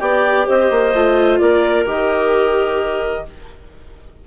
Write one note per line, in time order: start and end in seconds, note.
0.00 0.47 B3
0.00 0.93 G4
0.00 0.47 D5
0.00 0.46 G5
0.47 0.71 C4
0.47 1.39 C5
0.47 1.39 D#5
0.71 0.94 A#3
0.94 1.40 A3
0.94 1.86 F4
1.39 1.86 A#3
1.39 3.25 A#4
1.39 1.85 D5
1.86 3.24 D#3
1.86 3.24 G4
1.86 3.28 D#5